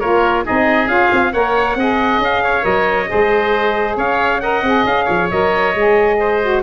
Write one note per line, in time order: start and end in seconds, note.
0.00 0.46 A#3
0.00 0.45 F4
0.00 0.44 A#4
0.00 0.44 C#5
0.45 0.87 C4
0.45 0.88 D#4
0.45 1.33 G#4
0.45 0.89 D#5
0.87 1.09 C#4
0.87 1.32 F4
0.87 1.33 F5
1.12 1.34 C4
1.33 1.75 A#3
1.33 1.78 A#4
1.33 1.77 C#5
1.33 2.21 F#5
1.75 2.18 C4
1.75 2.62 G#4
1.75 2.44 D#5
2.18 2.63 C#4
2.18 2.65 F5
2.44 3.10 C#5
2.62 3.09 F#3
2.62 3.06 A#4
2.62 3.97 D#5
3.08 3.97 G#3
3.08 4.40 G#4
3.08 3.97 C5
3.97 4.62 C#4
3.97 4.41 C#5
3.97 4.41 F5
4.41 4.64 A#4
4.41 5.05 D#5
4.41 4.85 F#5
4.62 4.84 C4
4.62 5.31 G#4
4.85 5.07 C#4
4.85 5.31 F5
5.05 5.31 F3
5.05 6.16 C#5
5.31 5.75 F#3
5.31 5.75 A#4
5.31 6.63 D#5
5.75 6.63 G#3
5.75 6.42 G#4
6.19 6.63 C5
6.43 6.63 F#4